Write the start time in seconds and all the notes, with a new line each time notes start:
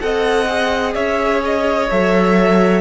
0.00 C4 A4 D#5 F#5
0.48 G#4
0.95 C#4 C#5 E5
1.45 D#5
1.90 F#3 A4 E5